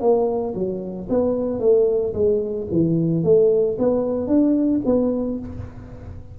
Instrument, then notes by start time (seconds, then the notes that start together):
tuba
0.00 A#3
0.54 F#3
1.09 B3
1.59 A3
2.13 G#3
2.71 E3
3.23 A3
3.78 B3
4.27 D4
4.85 B3